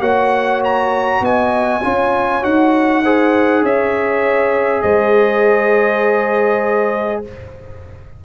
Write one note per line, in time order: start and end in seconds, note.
0.00 1.20 A#3
0.00 1.81 F#4
0.00 1.21 C#5
0.00 0.62 F#5
0.65 1.25 A#5
1.21 1.81 B3
1.21 1.83 D#5
1.21 2.44 G#5
1.83 2.43 C#4
1.83 2.42 F4
1.83 3.04 C#5
2.42 3.62 D#4
2.42 3.02 F#4
2.42 3.64 F#5
3.04 7.25 G#4
3.04 3.64 C5
3.62 4.82 C#4
3.62 4.83 C#5
3.62 4.82 E5
4.82 7.24 G#3
4.82 7.24 C5
4.82 7.22 D#5